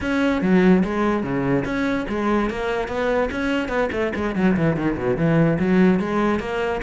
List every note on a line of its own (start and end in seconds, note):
0.01 0.41 C#4
0.41 0.83 F#3
0.84 1.23 G#3
1.23 1.64 C#3
1.64 2.06 C#4
2.08 2.49 G#3
2.49 2.88 A#3
2.88 3.29 B3
3.31 3.68 C#4
3.68 3.89 B3
3.92 4.12 A3
4.15 4.35 G#3
4.35 4.56 F#3
4.56 4.76 E3
4.76 4.97 D#3
4.97 5.16 B2
5.16 5.58 E3
5.59 5.99 F#3
5.99 6.39 G#3
6.39 6.81 A#3